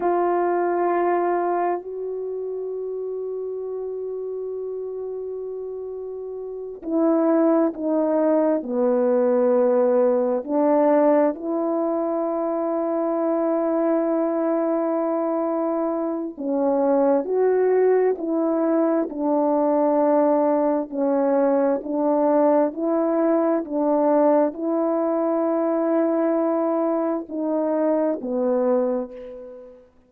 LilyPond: \new Staff \with { instrumentName = "horn" } { \time 4/4 \tempo 4 = 66 f'2 fis'2~ | fis'2.~ fis'8 e'8~ | e'8 dis'4 b2 d'8~ | d'8 e'2.~ e'8~ |
e'2 cis'4 fis'4 | e'4 d'2 cis'4 | d'4 e'4 d'4 e'4~ | e'2 dis'4 b4 | }